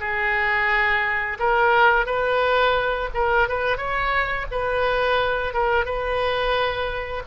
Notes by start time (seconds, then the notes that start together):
0.00 G#4
1.39 A#4
2.06 B4
3.14 A#4
3.48 B4
3.77 C#5
4.51 B4
5.53 A#4
5.85 B4